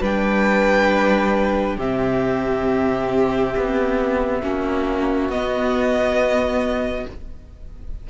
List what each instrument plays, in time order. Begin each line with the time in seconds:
0.00 cello G3, viola D4, violin B4 G5
1.76 cello C3, viola C4, violin G4 E5
3.56 cello B3
4.42 cello A#3, viola C#4, violin F#4
5.29 cello B3, viola B3, violin D#5